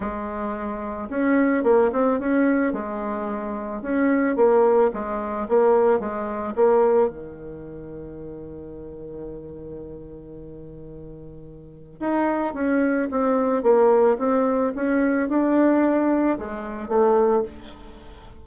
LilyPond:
\new Staff \with { instrumentName = "bassoon" } { \time 4/4 \tempo 4 = 110 gis2 cis'4 ais8 c'8 | cis'4 gis2 cis'4 | ais4 gis4 ais4 gis4 | ais4 dis2.~ |
dis1~ | dis2 dis'4 cis'4 | c'4 ais4 c'4 cis'4 | d'2 gis4 a4 | }